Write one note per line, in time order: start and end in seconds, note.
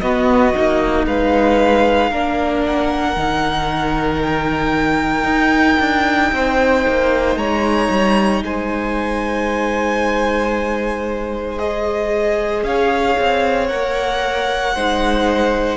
0.00 0.55 B3
0.00 1.07 F#4
0.00 1.05 D#5
0.55 1.07 A#3
0.55 2.12 D#4
1.07 2.12 G#3
1.07 2.11 B4
1.07 2.65 F5
2.11 3.16 A#3
2.11 3.17 D4
2.11 6.32 A#4
2.65 4.22 F#5
3.16 5.23 D#3
3.16 11.58 D#4
4.22 7.37 G5
5.23 5.76 D#4
5.80 6.32 D4
6.32 6.85 C4
6.32 7.38 C5
6.89 7.36 A#3
7.36 7.89 G#3
7.36 8.44 C#5
7.36 8.43 A#5
7.90 8.43 G3
8.43 12.63 G#3
8.43 12.66 C5
8.43 11.59 G#5
11.58 13.68 G#4
11.58 12.64 D#5
12.63 13.16 C#4
12.63 14.75 C#5
12.63 13.68 F5
13.19 13.72 C4
13.68 14.76 A#3
13.68 14.74 A#4
13.68 15.77 F#5
14.75 15.77 G#3
14.75 15.77 D#4
14.75 15.77 C5